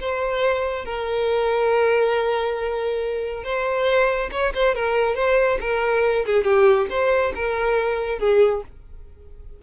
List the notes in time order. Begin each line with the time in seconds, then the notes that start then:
0.00 C5
0.85 A#4
3.44 C5
4.31 C#5
4.54 C5
4.75 A#4
5.16 C5
5.61 A#4
6.26 G#4
6.44 G4
6.90 C5
7.35 A#4
8.19 G#4